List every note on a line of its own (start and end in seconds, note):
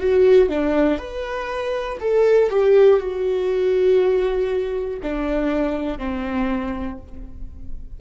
0.00 0.50 F#4
0.50 0.99 D4
0.99 1.99 B4
2.00 2.50 A4
2.50 3.00 G4
3.00 5.00 F#4
5.03 5.99 D4
5.99 6.99 C4